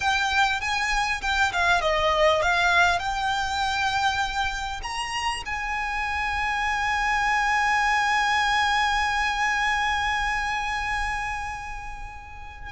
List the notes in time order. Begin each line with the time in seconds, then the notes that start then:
0.00 G5
0.60 G#5
1.21 G5
1.52 F5
1.81 D#5
2.42 F5
2.99 G5
4.83 A#5
5.45 G#5